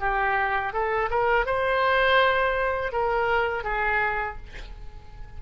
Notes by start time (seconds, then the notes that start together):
0.00 G4
0.73 A4
1.10 A#4
1.46 C5
2.93 A#4
3.64 G#4